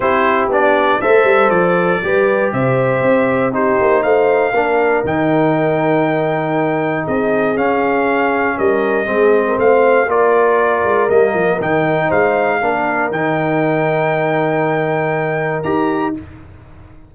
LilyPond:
<<
  \new Staff \with { instrumentName = "trumpet" } { \time 4/4 \tempo 4 = 119 c''4 d''4 e''4 d''4~ | d''4 e''2 c''4 | f''2 g''2~ | g''2 dis''4 f''4~ |
f''4 dis''2 f''4 | d''2 dis''4 g''4 | f''2 g''2~ | g''2. ais''4 | }
  \new Staff \with { instrumentName = "horn" } { \time 4/4 g'2 c''2 | b'4 c''2 g'4 | c''4 ais'2.~ | ais'2 gis'2~ |
gis'4 ais'4 gis'8. ais'16 c''4 | ais'1 | c''4 ais'2.~ | ais'1 | }
  \new Staff \with { instrumentName = "trombone" } { \time 4/4 e'4 d'4 a'2 | g'2. dis'4~ | dis'4 d'4 dis'2~ | dis'2. cis'4~ |
cis'2 c'2 | f'2 ais4 dis'4~ | dis'4 d'4 dis'2~ | dis'2. g'4 | }
  \new Staff \with { instrumentName = "tuba" } { \time 4/4 c'4 b4 a8 g8 f4 | g4 c4 c'4. ais8 | a4 ais4 dis2~ | dis2 c'4 cis'4~ |
cis'4 g4 gis4 a4 | ais4. gis8 g8 f8 dis4 | gis4 ais4 dis2~ | dis2. dis'4 | }
>>